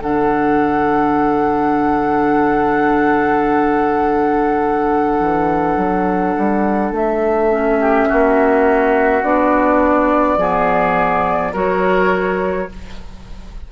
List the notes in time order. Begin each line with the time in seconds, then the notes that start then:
0.00 D3 D4 A4 F#5
5.20 E3
5.77 F#3
6.38 G3
6.92 A3 E5
7.51 C#4
7.80 G4
8.08 A#3 F#4
9.23 B3 D4 D5
10.37 F3 B3 G#4
11.53 F#3 F#4 A#4 C#5